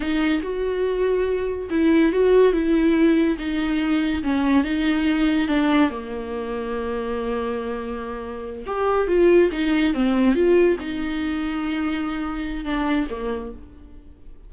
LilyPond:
\new Staff \with { instrumentName = "viola" } { \time 4/4 \tempo 4 = 142 dis'4 fis'2. | e'4 fis'4 e'2 | dis'2 cis'4 dis'4~ | dis'4 d'4 ais2~ |
ais1~ | ais8 g'4 f'4 dis'4 c'8~ | c'8 f'4 dis'2~ dis'8~ | dis'2 d'4 ais4 | }